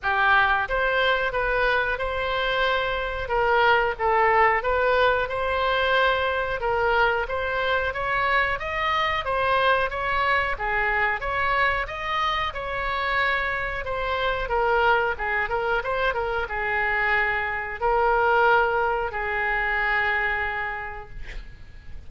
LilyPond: \new Staff \with { instrumentName = "oboe" } { \time 4/4 \tempo 4 = 91 g'4 c''4 b'4 c''4~ | c''4 ais'4 a'4 b'4 | c''2 ais'4 c''4 | cis''4 dis''4 c''4 cis''4 |
gis'4 cis''4 dis''4 cis''4~ | cis''4 c''4 ais'4 gis'8 ais'8 | c''8 ais'8 gis'2 ais'4~ | ais'4 gis'2. | }